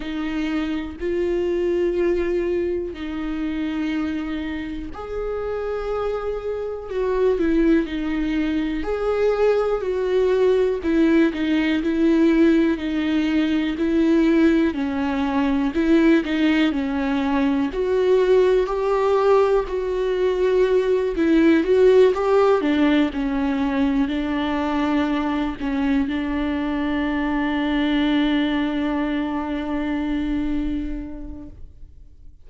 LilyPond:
\new Staff \with { instrumentName = "viola" } { \time 4/4 \tempo 4 = 61 dis'4 f'2 dis'4~ | dis'4 gis'2 fis'8 e'8 | dis'4 gis'4 fis'4 e'8 dis'8 | e'4 dis'4 e'4 cis'4 |
e'8 dis'8 cis'4 fis'4 g'4 | fis'4. e'8 fis'8 g'8 d'8 cis'8~ | cis'8 d'4. cis'8 d'4.~ | d'1 | }